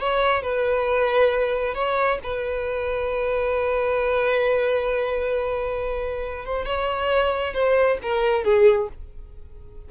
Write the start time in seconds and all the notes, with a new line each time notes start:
0.00 C#5
0.43 B4
1.75 C#5
2.23 B4
6.46 C5
6.66 C#5
7.54 C5
8.03 A#4
8.44 G#4